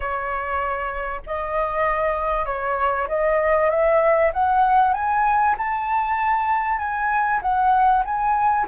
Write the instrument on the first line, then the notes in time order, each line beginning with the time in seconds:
flute
0.00 C#5
1.26 D#5
2.45 C#5
3.08 D#5
3.69 E5
4.33 F#5
4.93 G#5
5.57 A5
6.78 G#5
7.41 F#5
8.04 G#5